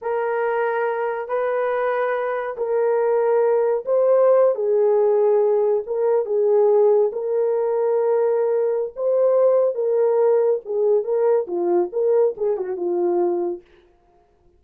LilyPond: \new Staff \with { instrumentName = "horn" } { \time 4/4 \tempo 4 = 141 ais'2. b'4~ | b'2 ais'2~ | ais'4 c''4.~ c''16 gis'4~ gis'16~ | gis'4.~ gis'16 ais'4 gis'4~ gis'16~ |
gis'8. ais'2.~ ais'16~ | ais'4 c''2 ais'4~ | ais'4 gis'4 ais'4 f'4 | ais'4 gis'8 fis'8 f'2 | }